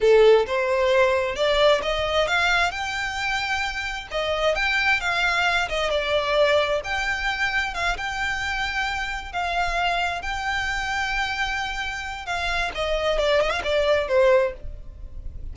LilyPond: \new Staff \with { instrumentName = "violin" } { \time 4/4 \tempo 4 = 132 a'4 c''2 d''4 | dis''4 f''4 g''2~ | g''4 dis''4 g''4 f''4~ | f''8 dis''8 d''2 g''4~ |
g''4 f''8 g''2~ g''8~ | g''8 f''2 g''4.~ | g''2. f''4 | dis''4 d''8 dis''16 f''16 d''4 c''4 | }